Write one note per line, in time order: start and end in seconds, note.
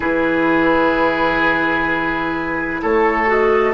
0.00 2.80 E3
0.00 3.27 E4
0.00 2.81 G#4
0.00 2.81 B4
2.81 3.73 A3
2.81 3.73 A4
2.81 3.30 C#5
3.27 3.73 F#4
3.27 3.73 D#5